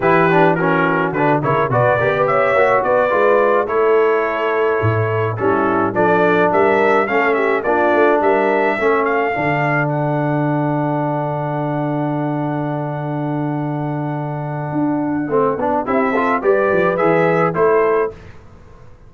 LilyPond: <<
  \new Staff \with { instrumentName = "trumpet" } { \time 4/4 \tempo 4 = 106 b'4 ais'4 b'8 cis''8 d''4 | e''4 d''4. cis''4.~ | cis''4. a'4 d''4 e''8~ | e''8 f''8 e''8 d''4 e''4. |
f''4. fis''2~ fis''8~ | fis''1~ | fis''1 | e''4 d''4 e''4 c''4 | }
  \new Staff \with { instrumentName = "horn" } { \time 4/4 g'4 fis'4. ais'8 b'8 ais'16 b'16 | cis''4 b'4. a'4.~ | a'4. e'4 a'4 ais'8~ | ais'8 a'8 g'8 f'4 ais'4 a'8~ |
a'1~ | a'1~ | a'1 | g'8 a'8 b'2 a'4 | }
  \new Staff \with { instrumentName = "trombone" } { \time 4/4 e'8 d'8 cis'4 d'8 e'8 fis'8 g'8~ | g'8 fis'4 f'4 e'4.~ | e'4. cis'4 d'4.~ | d'8 cis'4 d'2 cis'8~ |
cis'8 d'2.~ d'8~ | d'1~ | d'2. c'8 d'8 | e'8 f'8 g'4 gis'4 e'4 | }
  \new Staff \with { instrumentName = "tuba" } { \time 4/4 e2 d8 cis8 b,8 b8~ | b8 ais8 b8 gis4 a4.~ | a8 a,4 g4 f4 g8~ | g8 a4 ais8 a8 g4 a8~ |
a8 d2.~ d8~ | d1~ | d2 d'4 a8 b8 | c'4 g8 f8 e4 a4 | }
>>